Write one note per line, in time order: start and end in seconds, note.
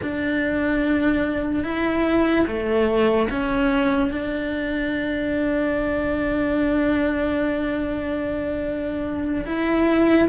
0.01 1.63 D4
1.63 2.45 E4
2.47 3.29 A3
3.30 4.11 C#4
4.11 9.45 D4
9.46 10.28 E4